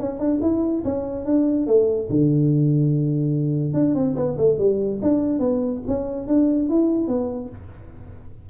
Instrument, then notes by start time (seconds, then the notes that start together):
tuba
0.00 C#4
0.20 D4
0.42 E4
0.85 C#4
1.26 D4
1.67 A3
2.10 D3
3.74 D4
3.95 C4
4.16 B3
4.38 A3
4.59 G3
5.02 D4
5.40 B3
5.88 C#4
6.28 D4
6.70 E4
7.08 B3